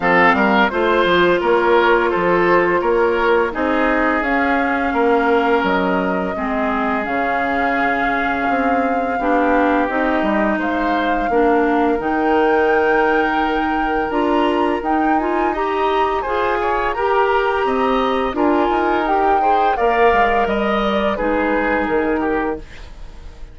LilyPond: <<
  \new Staff \with { instrumentName = "flute" } { \time 4/4 \tempo 4 = 85 f''4 c''4 cis''4 c''4 | cis''4 dis''4 f''2 | dis''2 f''2~ | f''2 dis''4 f''4~ |
f''4 g''2. | ais''4 g''8 gis''8 ais''4 gis''4 | ais''2 gis''4 g''4 | f''4 dis''8 d''8 b'4 ais'4 | }
  \new Staff \with { instrumentName = "oboe" } { \time 4/4 a'8 ais'8 c''4 ais'4 a'4 | ais'4 gis'2 ais'4~ | ais'4 gis'2.~ | gis'4 g'2 c''4 |
ais'1~ | ais'2 dis''4 c''8 cis''8 | ais'4 dis''4 ais'4. c''8 | d''4 dis''4 gis'4. g'8 | }
  \new Staff \with { instrumentName = "clarinet" } { \time 4/4 c'4 f'2.~ | f'4 dis'4 cis'2~ | cis'4 c'4 cis'2~ | cis'4 d'4 dis'2 |
d'4 dis'2. | f'4 dis'8 f'8 g'4 gis'4 | g'2 f'4 g'8 gis'8 | ais'2 dis'2 | }
  \new Staff \with { instrumentName = "bassoon" } { \time 4/4 f8 g8 a8 f8 ais4 f4 | ais4 c'4 cis'4 ais4 | fis4 gis4 cis2 | c'4 b4 c'8 g8 gis4 |
ais4 dis2. | d'4 dis'2 f'4 | g'4 c'4 d'8 dis'4. | ais8 gis8 g4 gis4 dis4 | }
>>